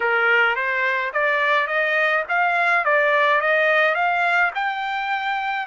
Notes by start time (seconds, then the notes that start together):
0.00 A#4
0.55 C5
1.13 D5
1.67 D#5
2.28 F5
2.85 D5
3.41 D#5
3.94 F5
4.55 G5